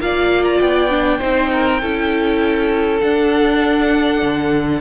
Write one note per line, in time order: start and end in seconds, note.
0.00 0.60 A#3
0.00 0.90 F4
0.00 1.19 D5
0.00 0.44 F5
0.44 0.59 A#5
0.59 1.20 B3
0.59 2.99 G5
0.90 1.20 D4
1.19 1.82 C4
1.19 1.80 D#4
1.19 1.49 C5
1.52 1.81 A#4
1.81 3.02 C#4
1.81 3.02 E4
1.81 4.81 A4
3.01 4.81 D4
3.01 4.22 D4
3.01 4.81 F#5
4.22 4.81 D3